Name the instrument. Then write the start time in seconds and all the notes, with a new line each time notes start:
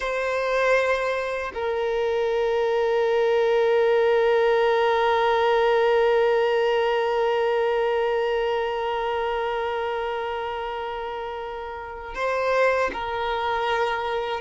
violin
0.00 C5
1.54 A#4
12.14 C5
12.93 A#4